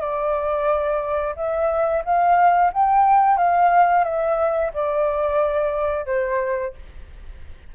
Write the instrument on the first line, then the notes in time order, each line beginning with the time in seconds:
flute
0.00 D5
1.36 E5
2.04 F5
2.73 G5
3.37 F5
4.04 E5
4.73 D5
6.06 C5